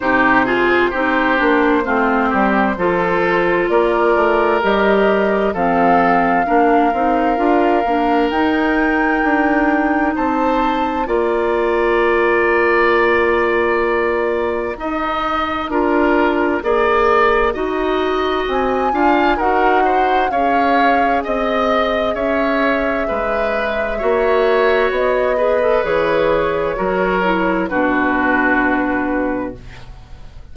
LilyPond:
<<
  \new Staff \with { instrumentName = "flute" } { \time 4/4 \tempo 4 = 65 c''1 | d''4 dis''4 f''2~ | f''4 g''2 a''4 | ais''1~ |
ais''1 | gis''4 fis''4 f''4 dis''4 | e''2. dis''4 | cis''2 b'2 | }
  \new Staff \with { instrumentName = "oboe" } { \time 4/4 g'8 gis'8 g'4 f'8 g'8 a'4 | ais'2 a'4 ais'4~ | ais'2. c''4 | d''1 |
dis''4 ais'4 d''4 dis''4~ | dis''8 f''8 ais'8 c''8 cis''4 dis''4 | cis''4 b'4 cis''4. b'8~ | b'4 ais'4 fis'2 | }
  \new Staff \with { instrumentName = "clarinet" } { \time 4/4 dis'8 f'8 dis'8 d'8 c'4 f'4~ | f'4 g'4 c'4 d'8 dis'8 | f'8 d'8 dis'2. | f'1 |
dis'4 f'4 gis'4 fis'4~ | fis'8 f'8 fis'4 gis'2~ | gis'2 fis'4. gis'16 a'16 | gis'4 fis'8 e'8 d'2 | }
  \new Staff \with { instrumentName = "bassoon" } { \time 4/4 c4 c'8 ais8 a8 g8 f4 | ais8 a8 g4 f4 ais8 c'8 | d'8 ais8 dis'4 d'4 c'4 | ais1 |
dis'4 d'4 ais4 dis'4 | c'8 d'8 dis'4 cis'4 c'4 | cis'4 gis4 ais4 b4 | e4 fis4 b,2 | }
>>